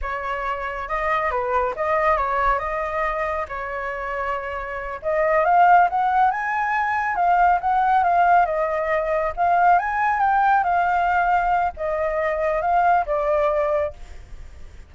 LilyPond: \new Staff \with { instrumentName = "flute" } { \time 4/4 \tempo 4 = 138 cis''2 dis''4 b'4 | dis''4 cis''4 dis''2 | cis''2.~ cis''8 dis''8~ | dis''8 f''4 fis''4 gis''4.~ |
gis''8 f''4 fis''4 f''4 dis''8~ | dis''4. f''4 gis''4 g''8~ | g''8 f''2~ f''8 dis''4~ | dis''4 f''4 d''2 | }